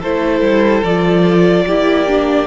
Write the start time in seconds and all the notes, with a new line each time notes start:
0.00 A3 E4 A4 C5
0.41 G3
0.84 F3 F4 D5
1.66 A#3 E4 G4
2.07 D4